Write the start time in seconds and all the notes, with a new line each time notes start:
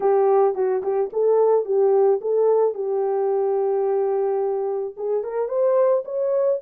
0.00 G4
0.55 F#4
0.83 G4
1.13 A4
1.65 G4
2.21 A4
2.74 G4
4.97 G#4
5.23 A#4
5.48 C5
6.05 C#5